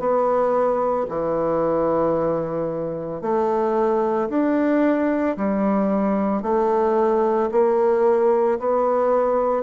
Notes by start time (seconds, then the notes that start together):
0.00 B3
1.09 E3
3.22 A3
4.30 D4
5.37 G3
6.43 A3
7.52 A#3
8.60 B3